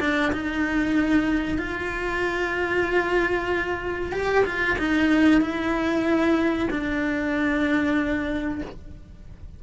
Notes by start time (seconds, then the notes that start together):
0.00 D4
0.32 D#4
1.58 F4
4.13 G4
4.45 F4
4.78 D#4
5.41 E4
6.71 D4